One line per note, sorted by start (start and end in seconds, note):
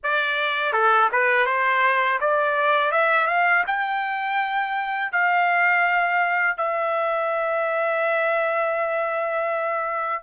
0.03 0.72 D5
0.72 1.09 A4
1.11 1.46 B4
1.46 2.19 C5
2.20 2.91 D5
2.91 3.27 E5
3.27 3.64 F5
3.67 5.12 G5
5.12 6.57 F5
6.57 10.23 E5